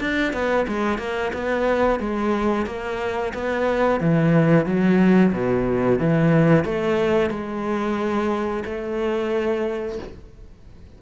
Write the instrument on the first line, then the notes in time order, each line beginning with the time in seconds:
cello
0.00 D4
0.33 B3
0.67 G#3
0.98 A#3
1.33 B3
1.99 G#3
2.66 A#3
3.34 B3
4.00 E3
4.65 F#3
5.32 B2
5.99 E3
6.64 A3
7.30 G#3
8.65 A3